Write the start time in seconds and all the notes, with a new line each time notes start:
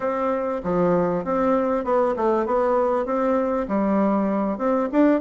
0.00 C4
0.63 F3
1.24 C4
1.84 B3
2.16 A3
2.45 B3
3.05 C4
3.68 G3
4.58 C4
4.92 D4